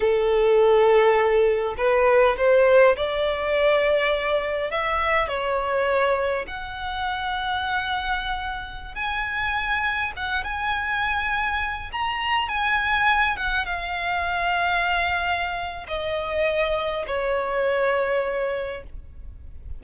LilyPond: \new Staff \with { instrumentName = "violin" } { \time 4/4 \tempo 4 = 102 a'2. b'4 | c''4 d''2. | e''4 cis''2 fis''4~ | fis''2.~ fis''16 gis''8.~ |
gis''4~ gis''16 fis''8 gis''2~ gis''16~ | gis''16 ais''4 gis''4. fis''8 f''8.~ | f''2. dis''4~ | dis''4 cis''2. | }